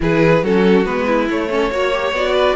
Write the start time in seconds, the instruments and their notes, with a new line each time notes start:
0.00 cello E3, viola E4, violin G#4 B4
0.42 cello F#3, viola C#4, violin F#4 A4
0.85 cello G#3, viola B3, violin B4
1.06 violin E4
1.29 cello A3, viola A3, violin C#5
1.49 viola C#4, violin A4
1.70 cello A#3, viola F#4, violin C#5
1.92 viola G4
2.12 cello B3, viola F#4, violin D5
2.33 violin B4